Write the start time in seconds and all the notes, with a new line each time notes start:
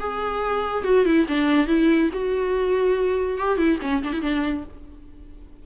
0.00 G#4
0.85 F#4
1.05 E4
1.28 D4
1.68 E4
2.13 F#4
3.38 G4
3.58 E4
3.82 C#4
4.03 D4
4.13 E4
4.22 D4